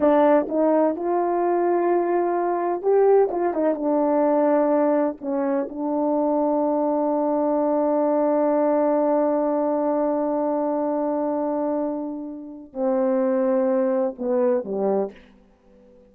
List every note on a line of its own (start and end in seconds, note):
0.00 0.47 D4
0.48 0.96 D#4
0.96 2.82 F4
2.82 3.29 G4
3.31 3.53 F4
3.53 3.75 D#4
3.75 5.16 D4
5.20 5.68 C#4
5.69 12.73 D4
12.73 14.15 C4
14.18 14.64 B3
14.64 15.11 G3